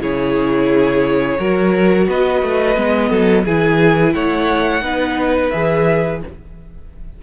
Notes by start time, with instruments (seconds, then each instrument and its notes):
0.00 cello C#3, viola E4, violin G#4 C#5
1.38 cello F#3, viola F#4, violin A#4
2.08 cello B3, violin B4 D#5
2.42 cello A3
2.76 cello G#3, viola B3
3.09 cello F#3, violin A4
3.44 cello E3, viola E4, violin G#4 G#5
4.14 cello A3, violin C#5 F#5
4.82 cello B3, viola D#4, violin B4
5.50 cello E3, viola G#4, violin E5